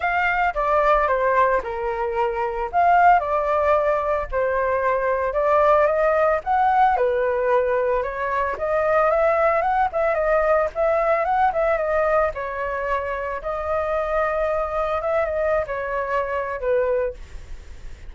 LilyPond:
\new Staff \with { instrumentName = "flute" } { \time 4/4 \tempo 4 = 112 f''4 d''4 c''4 ais'4~ | ais'4 f''4 d''2 | c''2 d''4 dis''4 | fis''4 b'2 cis''4 |
dis''4 e''4 fis''8 e''8 dis''4 | e''4 fis''8 e''8 dis''4 cis''4~ | cis''4 dis''2. | e''8 dis''8. cis''4.~ cis''16 b'4 | }